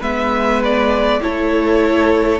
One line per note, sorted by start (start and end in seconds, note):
0.00 1.21 G#3
0.00 1.21 B3
0.00 1.20 B4
0.00 0.62 E5
0.64 1.22 D5
1.21 2.40 A3
1.21 2.40 E4
1.21 2.40 A4
1.21 2.40 C#5